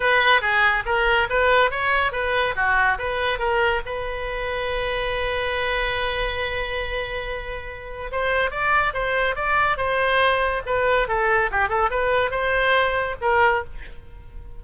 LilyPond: \new Staff \with { instrumentName = "oboe" } { \time 4/4 \tempo 4 = 141 b'4 gis'4 ais'4 b'4 | cis''4 b'4 fis'4 b'4 | ais'4 b'2.~ | b'1~ |
b'2. c''4 | d''4 c''4 d''4 c''4~ | c''4 b'4 a'4 g'8 a'8 | b'4 c''2 ais'4 | }